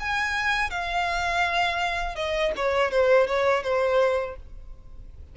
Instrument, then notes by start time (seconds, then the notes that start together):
violin
0.00 G#5
0.71 F5
2.16 D#5
2.56 C#5
2.91 C5
3.27 C#5
3.63 C5